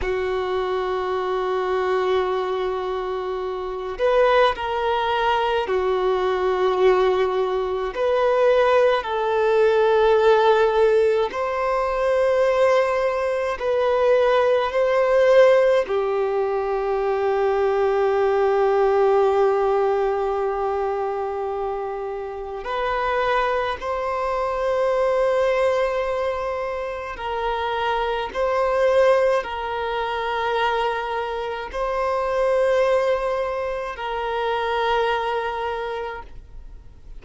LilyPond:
\new Staff \with { instrumentName = "violin" } { \time 4/4 \tempo 4 = 53 fis'2.~ fis'8 b'8 | ais'4 fis'2 b'4 | a'2 c''2 | b'4 c''4 g'2~ |
g'1 | b'4 c''2. | ais'4 c''4 ais'2 | c''2 ais'2 | }